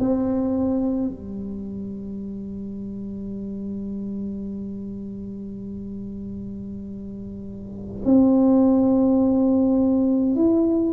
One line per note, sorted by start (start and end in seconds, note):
0.00 1.10 C4
1.10 8.02 G3
8.05 10.36 C4
10.36 10.93 E4